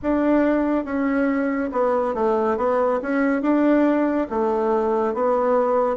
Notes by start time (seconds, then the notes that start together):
0.02 D4
0.84 C#4
1.71 B3
2.14 A3
2.57 B3
3.02 C#4
3.42 D4
4.29 A3
5.14 B3